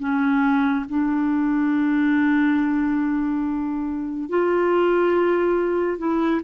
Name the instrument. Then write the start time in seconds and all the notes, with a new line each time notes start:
clarinet
0.00 C#4
0.89 D4
4.30 F4
5.98 E4